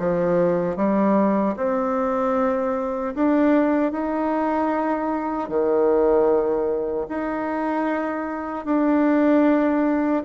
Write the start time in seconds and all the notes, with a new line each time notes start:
0.00 F3
0.77 G3
1.57 C4
3.15 D4
3.93 D#4
5.49 D#3
7.09 D#4
8.66 D4